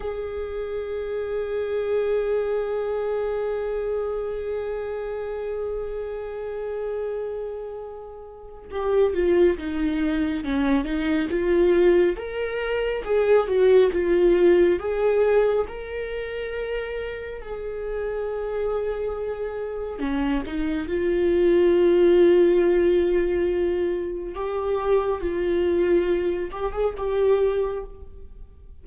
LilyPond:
\new Staff \with { instrumentName = "viola" } { \time 4/4 \tempo 4 = 69 gis'1~ | gis'1~ | gis'2 g'8 f'8 dis'4 | cis'8 dis'8 f'4 ais'4 gis'8 fis'8 |
f'4 gis'4 ais'2 | gis'2. cis'8 dis'8 | f'1 | g'4 f'4. g'16 gis'16 g'4 | }